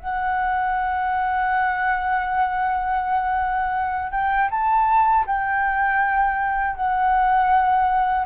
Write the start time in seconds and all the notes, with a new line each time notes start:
0.00 F#5
4.11 G5
4.50 A5
5.26 G5
6.76 F#5